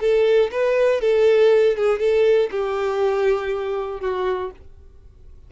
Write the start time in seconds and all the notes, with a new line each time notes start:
0.00 A4
0.51 B4
1.01 A4
1.77 G#4
1.99 A4
2.51 G4
4.01 F#4